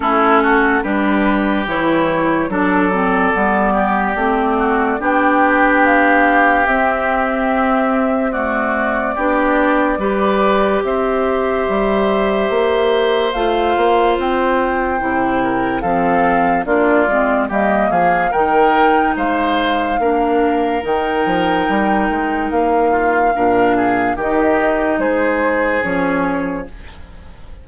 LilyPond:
<<
  \new Staff \with { instrumentName = "flute" } { \time 4/4 \tempo 4 = 72 a'4 b'4 cis''4 d''4~ | d''2 g''4 f''4 | e''2 d''2~ | d''4 e''2. |
f''4 g''2 f''4 | d''4 dis''8 f''8 g''4 f''4~ | f''4 g''2 f''4~ | f''4 dis''4 c''4 cis''4 | }
  \new Staff \with { instrumentName = "oboe" } { \time 4/4 e'8 fis'8 g'2 a'4~ | a'8 g'4 fis'8 g'2~ | g'2 fis'4 g'4 | b'4 c''2.~ |
c''2~ c''8 ais'8 a'4 | f'4 g'8 gis'8 ais'4 c''4 | ais'2.~ ais'8 f'8 | ais'8 gis'8 g'4 gis'2 | }
  \new Staff \with { instrumentName = "clarinet" } { \time 4/4 cis'4 d'4 e'4 d'8 c'8 | b4 c'4 d'2 | c'2 a4 d'4 | g'1 |
f'2 e'4 c'4 | d'8 c'8 ais4 dis'2 | d'4 dis'2. | d'4 dis'2 cis'4 | }
  \new Staff \with { instrumentName = "bassoon" } { \time 4/4 a4 g4 e4 fis4 | g4 a4 b2 | c'2. b4 | g4 c'4 g4 ais4 |
a8 ais8 c'4 c4 f4 | ais8 gis8 g8 f8 dis4 gis4 | ais4 dis8 f8 g8 gis8 ais4 | ais,4 dis4 gis4 f4 | }
>>